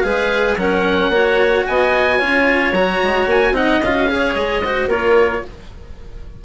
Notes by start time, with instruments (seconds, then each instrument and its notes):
0.00 bassoon G#3, cello G#4, clarinet B4, oboe F5
0.56 bassoon F#3, cello C#4, clarinet A#4, oboe F#5
1.09 bassoon A#3, cello F#4, clarinet C#5
1.66 bassoon B3, clarinet D#5, oboe G#5
2.17 bassoon C#4, cello F4, clarinet C#5
2.72 bassoon F#3, cello F#4, oboe A#5
3.03 bassoon G#3
3.26 bassoon A#3, oboe G#5
3.51 bassoon C4, cello D#4, clarinet D#5, oboe F#5
3.81 bassoon C#4, cello F4, oboe F5
3.94 cello F#4
4.08 cello G#4, clarinet C#5
4.34 bassoon G#3, oboe D#5
4.64 cello F#4, clarinet C5
4.87 bassoon A#3, cello F4, clarinet A#4, oboe C#5